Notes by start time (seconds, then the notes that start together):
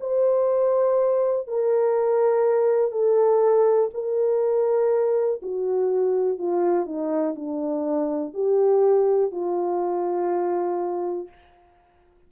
0.00 C5
1.47 A#4
2.92 A4
3.93 A#4
5.42 F#4
6.38 F4
6.85 D#4
7.35 D4
8.33 G4
9.31 F4